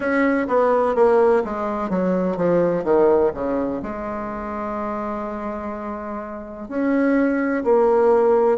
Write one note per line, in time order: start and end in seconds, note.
0.00 0.47 C#4
0.47 0.95 B3
0.95 1.42 A#3
1.44 1.89 G#3
1.89 2.36 F#3
2.36 2.84 F3
2.84 3.31 D#3
3.34 3.81 C#3
3.82 6.68 G#3
6.68 7.63 C#4
7.64 8.58 A#3